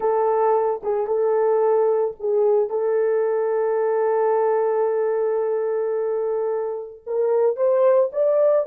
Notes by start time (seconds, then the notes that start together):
0.00 A4
0.83 G#4
1.06 A4
2.19 G#4
2.69 A4
7.06 A#4
7.56 C5
8.12 D5